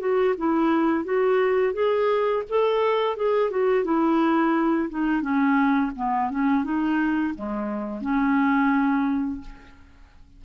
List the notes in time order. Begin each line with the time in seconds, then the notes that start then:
0.00 F#4
0.38 E4
1.05 F#4
1.74 G#4
2.50 A4
3.17 G#4
3.51 F#4
3.85 E4
4.90 D#4
5.22 C#4
5.96 B3
6.31 C#4
6.65 D#4
7.35 G#3
8.02 C#4